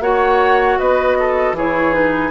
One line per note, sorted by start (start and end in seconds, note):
0.00 0.77 A#3
0.00 1.55 F#4
0.00 0.79 C#5
0.00 0.79 F#5
0.79 1.52 B3
0.79 1.18 B4
0.79 1.55 D#5
1.19 1.57 A4
1.52 2.29 E3
1.52 1.91 E4
1.52 2.31 G#4
1.52 1.94 C#5
1.91 2.30 D#4
1.91 2.31 B4